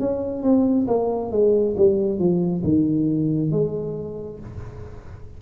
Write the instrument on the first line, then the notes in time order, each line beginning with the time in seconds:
tuba
0.00 C#4
0.43 C4
0.88 A#3
1.32 G#3
1.77 G3
2.19 F3
2.64 D#3
3.52 G#3